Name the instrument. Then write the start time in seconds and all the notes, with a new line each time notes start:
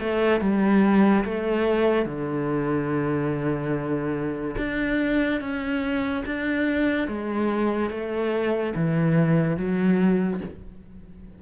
cello
0.00 A3
0.41 G3
1.25 A3
2.06 D3
4.58 D4
5.41 C#4
6.26 D4
7.08 G#3
7.91 A3
8.76 E3
9.58 F#3